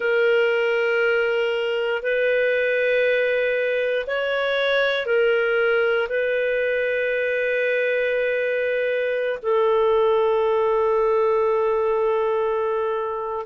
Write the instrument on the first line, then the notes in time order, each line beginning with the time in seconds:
clarinet
0.00 A#4
2.02 B4
4.07 C#5
5.06 A#4
6.08 B4
9.42 A4